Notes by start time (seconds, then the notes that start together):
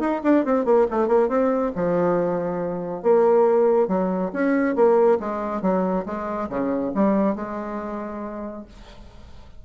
0.00 D#4
0.24 D4
0.45 C4
0.65 A#3
0.91 A3
1.08 A#3
1.29 C4
1.76 F3
3.03 A#3
3.88 F#3
4.33 C#4
4.75 A#3
5.20 G#3
5.62 F#3
6.06 G#3
6.50 C#3
6.95 G3
7.36 G#3